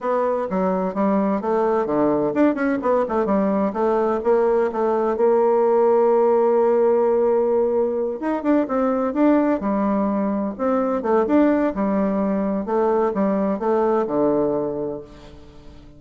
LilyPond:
\new Staff \with { instrumentName = "bassoon" } { \time 4/4 \tempo 4 = 128 b4 fis4 g4 a4 | d4 d'8 cis'8 b8 a8 g4 | a4 ais4 a4 ais4~ | ais1~ |
ais4. dis'8 d'8 c'4 d'8~ | d'8 g2 c'4 a8 | d'4 g2 a4 | g4 a4 d2 | }